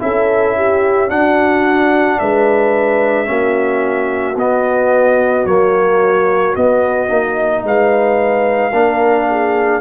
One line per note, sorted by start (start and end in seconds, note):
0.00 1.10 C#4
0.00 1.09 E4
0.00 0.57 A4
0.00 1.10 E5
0.57 1.10 G4
1.09 3.26 D4
1.09 2.19 D4
1.09 2.19 F#4
1.09 2.19 F#5
2.20 3.30 G#3
2.20 3.29 B4
2.20 4.38 E5
3.26 4.36 A#3
3.26 4.35 C#4
3.26 7.65 F#4
4.36 5.45 B3
4.36 5.47 B3
4.36 5.47 D#5
5.46 6.55 F#3
5.46 6.56 A#3
5.46 6.56 C#5
6.56 7.09 B3
6.56 7.10 B3
6.56 7.65 D#5
7.09 7.64 A#3
7.09 8.72 D#4
7.64 8.72 G#3
7.64 8.72 B4
7.64 9.81 F5
8.72 9.81 A#3
8.72 9.81 D4
8.72 9.27 A#4
9.30 9.81 G#4